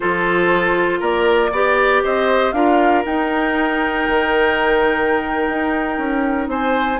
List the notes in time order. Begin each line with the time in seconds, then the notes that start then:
0.00 F3 F4 A4 C5
0.99 A#3 A#4 D5
1.52 B3 G4 D5
2.03 C4 C5 D#5
2.52 D4 F4 A#4 F5
3.04 D#4 G5
4.08 D#3
5.49 D#4
5.98 C#4
6.47 C4 C5 G#5